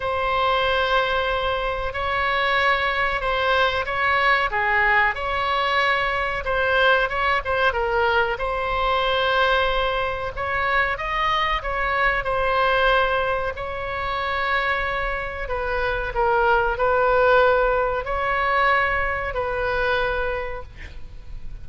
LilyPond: \new Staff \with { instrumentName = "oboe" } { \time 4/4 \tempo 4 = 93 c''2. cis''4~ | cis''4 c''4 cis''4 gis'4 | cis''2 c''4 cis''8 c''8 | ais'4 c''2. |
cis''4 dis''4 cis''4 c''4~ | c''4 cis''2. | b'4 ais'4 b'2 | cis''2 b'2 | }